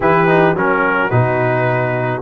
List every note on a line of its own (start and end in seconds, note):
0.00 0.55 E3
0.00 0.27 E4
0.00 0.54 G4
0.00 0.57 B4
0.27 0.55 D#4
0.54 1.10 F#3
0.54 1.10 C#4
0.54 2.21 F#4
0.54 1.10 A#4
1.10 2.21 B2
1.10 2.21 D#4
1.10 2.21 B4